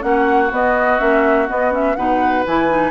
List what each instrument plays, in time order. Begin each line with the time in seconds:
0.00 bassoon A#3, clarinet C#4, flute F#5
0.06 oboe F#4
0.51 bassoon B3, clarinet B3, flute D#5
0.98 bassoon A#3, clarinet C#4, flute E5
1.47 clarinet B3, bassoon B3, flute D#5
1.71 clarinet C#4, flute E5
1.95 bassoon B2, clarinet D#4, oboe B4, flute F#5
2.46 bassoon E3, clarinet E4, flute G#5
2.68 clarinet D#4